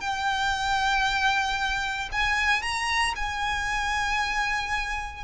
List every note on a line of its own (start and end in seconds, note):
0.00 2.09 G5
2.12 2.62 G#5
2.62 3.14 A#5
3.15 5.24 G#5